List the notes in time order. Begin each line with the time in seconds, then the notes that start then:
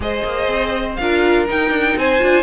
0.00 G#3 G#4 C5 D#5
0.24 A#3
0.48 C4
0.95 D4 F4 A#4 F5
1.47 D#4 G5
1.69 D4
1.95 C4 C5 G#5
2.18 D4 F4